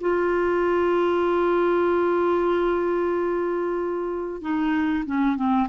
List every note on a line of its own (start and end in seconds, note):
0.00 4.41 F4
4.41 5.04 D#4
5.06 5.36 C#4
5.36 5.67 C4